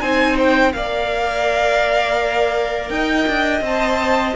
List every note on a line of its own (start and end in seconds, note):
0.00 0.73 C4
0.00 0.73 D#4
0.00 0.72 C5
0.00 0.36 G#5
0.38 0.73 G5
0.73 2.90 A#3
0.73 3.62 A#4
0.73 2.92 D5
0.73 2.89 F5
2.89 3.26 D#4
2.89 4.36 D#5
2.89 3.61 G5
3.27 3.61 D4
3.61 4.33 C4
3.61 4.36 C5
3.61 4.36 A5